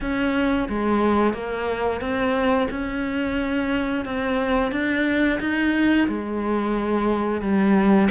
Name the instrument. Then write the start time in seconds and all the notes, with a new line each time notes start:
cello
0.00 C#4
0.69 G#3
1.33 A#3
2.00 C4
2.70 C#4
4.04 C4
4.71 D4
5.40 D#4
6.07 G#3
7.41 G3